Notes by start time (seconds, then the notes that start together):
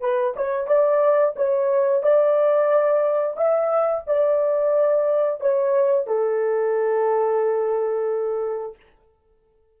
0.00 B4
0.36 C#5
0.67 D5
1.35 C#5
2.02 D5
3.36 E5
4.06 D5
5.40 C#5
6.06 A4